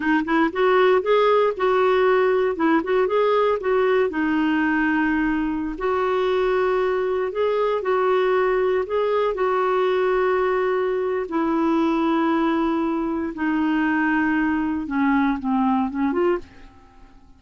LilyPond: \new Staff \with { instrumentName = "clarinet" } { \time 4/4 \tempo 4 = 117 dis'8 e'8 fis'4 gis'4 fis'4~ | fis'4 e'8 fis'8 gis'4 fis'4 | dis'2.~ dis'16 fis'8.~ | fis'2~ fis'16 gis'4 fis'8.~ |
fis'4~ fis'16 gis'4 fis'4.~ fis'16~ | fis'2 e'2~ | e'2 dis'2~ | dis'4 cis'4 c'4 cis'8 f'8 | }